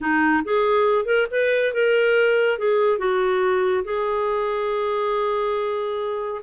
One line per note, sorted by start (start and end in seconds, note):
0.00 0.43 D#4
0.44 1.05 G#4
1.05 1.26 A#4
1.30 1.73 B4
1.73 2.58 A#4
2.58 2.98 G#4
2.98 3.84 F#4
3.84 6.41 G#4